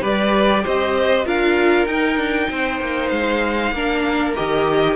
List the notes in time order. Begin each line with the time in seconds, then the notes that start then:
0.00 G3 G4 B4 D5
0.63 C4 C5 D#5
1.25 D4 F4 A#4 F5
1.86 D#4 G5
2.16 D4
2.50 C4 C5
2.80 A#3
3.09 G#3 F5
3.71 A#3 D4 A#4
4.35 D#3 G4 D#5